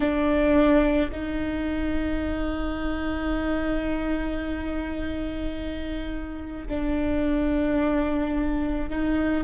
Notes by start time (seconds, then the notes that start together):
0.00 D4
1.11 D#4
6.67 D4
8.89 D#4